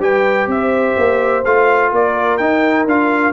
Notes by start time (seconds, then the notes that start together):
0.00 G3 G4 B4 G5
0.47 C4 E5
0.54 C5
0.97 A#3
1.45 A3 F4 F5
1.92 A#3 A#4 D5
2.38 D#4 G5
2.86 D4 F4 F5